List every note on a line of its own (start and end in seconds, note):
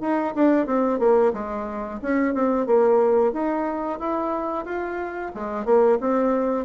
0.00 0.33 D#4
0.34 0.66 D4
0.66 0.99 C4
0.99 1.32 A#3
1.33 2.00 G#3
2.02 2.34 C#4
2.34 2.66 C4
2.66 3.32 A#3
3.32 3.99 D#4
3.99 4.65 E4
4.65 5.32 F4
5.34 5.65 G#3
5.65 5.98 A#3
6.00 6.65 C4